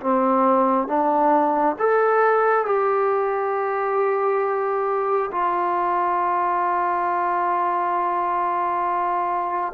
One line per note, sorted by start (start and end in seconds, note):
0.00 0.87 C4
0.87 1.76 D4
1.79 2.66 A4
2.66 5.30 G4
5.31 9.73 F4